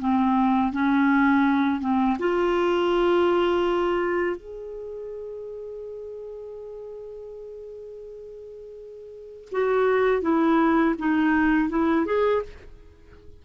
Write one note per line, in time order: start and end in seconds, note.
0.00 0.73 C4
0.73 1.81 C#4
1.81 2.18 C4
2.19 4.37 F4
4.37 9.49 G#4
9.52 10.22 F#4
10.22 10.96 E4
10.99 11.70 D#4
11.70 12.06 E4
12.06 12.43 G#4